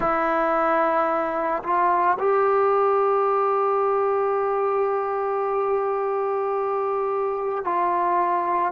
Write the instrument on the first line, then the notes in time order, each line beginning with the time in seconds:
trombone
0.00 E4
1.63 F4
2.19 G4
7.64 F4